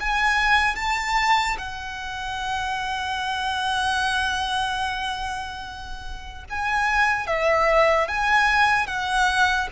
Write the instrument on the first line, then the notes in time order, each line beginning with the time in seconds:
violin
0.00 G#5
0.76 A5
1.58 F#5
6.49 G#5
7.27 E5
8.08 G#5
8.87 F#5